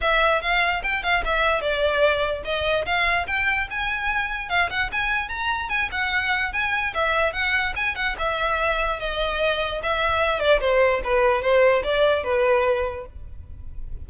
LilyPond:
\new Staff \with { instrumentName = "violin" } { \time 4/4 \tempo 4 = 147 e''4 f''4 g''8 f''8 e''4 | d''2 dis''4 f''4 | g''4 gis''2 f''8 fis''8 | gis''4 ais''4 gis''8 fis''4. |
gis''4 e''4 fis''4 gis''8 fis''8 | e''2 dis''2 | e''4. d''8 c''4 b'4 | c''4 d''4 b'2 | }